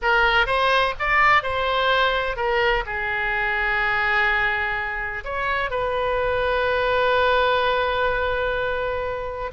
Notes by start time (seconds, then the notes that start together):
0.02 A#4
0.46 C5
0.99 D5
1.42 C5
2.36 A#4
2.85 G#4
5.24 C#5
5.70 B4